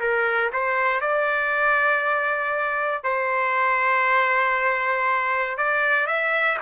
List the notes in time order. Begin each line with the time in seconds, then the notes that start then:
0.00 A#4
0.53 C5
1.01 D5
3.04 C5
5.57 D5
6.07 E5